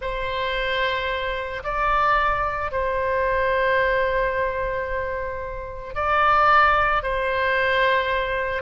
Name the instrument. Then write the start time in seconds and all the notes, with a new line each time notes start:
oboe
0.01 C5
1.63 D5
2.71 C5
5.94 D5
7.02 C5